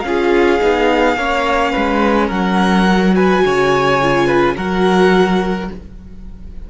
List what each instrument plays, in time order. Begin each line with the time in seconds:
0.00 cello C#4, violin F5
0.06 viola F4, violin G#4
0.60 cello B3, viola D#4
1.16 cello A#3, viola C#4, violin C#5
1.71 cello G#3, violin B4
2.27 cello F#3, violin A#4 F#5
2.87 viola F#4
3.15 violin B4 G#5
3.45 cello C#3, violin C#5
4.02 viola F4
4.26 violin B4
4.56 cello F#3, viola F#4, violin A#4 F#5